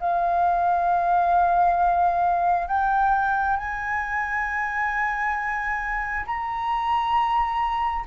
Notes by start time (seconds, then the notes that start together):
0.00 F5
2.67 G5
3.57 G#5
6.26 A#5